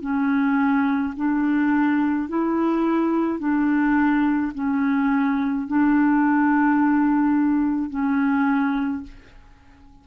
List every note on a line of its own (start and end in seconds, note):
0.00 1.13 C#4
1.16 2.28 D4
2.28 3.39 E4
3.39 4.52 D4
4.54 5.67 C#4
5.67 7.89 D4
7.89 9.03 C#4